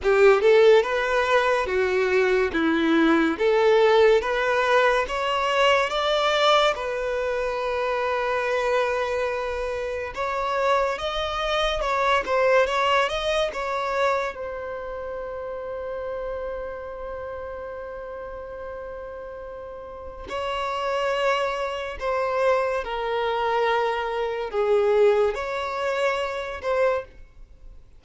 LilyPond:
\new Staff \with { instrumentName = "violin" } { \time 4/4 \tempo 4 = 71 g'8 a'8 b'4 fis'4 e'4 | a'4 b'4 cis''4 d''4 | b'1 | cis''4 dis''4 cis''8 c''8 cis''8 dis''8 |
cis''4 c''2.~ | c''1 | cis''2 c''4 ais'4~ | ais'4 gis'4 cis''4. c''8 | }